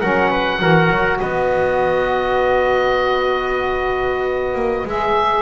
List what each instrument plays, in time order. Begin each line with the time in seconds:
0.00 double bass F#3, saxophone C#4, trumpet A#4, oboe F#5
0.30 trumpet B4
0.59 double bass E3, saxophone F#4, trumpet A#4
0.90 double bass F#3
1.20 double bass B3, trumpet B4, oboe D#5
4.55 double bass A#3
4.85 double bass G#3, saxophone G#4, oboe E5